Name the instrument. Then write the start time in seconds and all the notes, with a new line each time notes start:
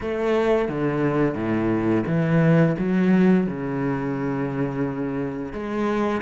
cello
0.00 A3
0.68 D3
1.34 A2
2.06 E3
2.78 F#3
3.46 C#3
5.52 G#3